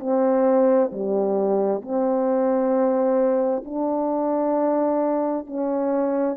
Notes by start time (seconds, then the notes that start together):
0.00 C4
0.93 G3
1.82 C4
3.65 D4
5.47 C#4